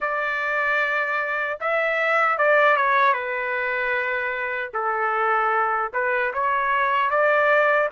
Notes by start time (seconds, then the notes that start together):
0.00 D5
1.60 E5
2.38 D5
2.76 C#5
3.13 B4
4.73 A4
5.93 B4
6.33 C#5
7.10 D5